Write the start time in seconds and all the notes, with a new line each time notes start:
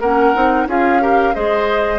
0.00 A#3 C#4 A#4 F#5
0.34 C4 D#4
0.66 C#4 F4 G#4 F5
1.01 G4 A#4
1.34 G#3 G#4 C5 D#5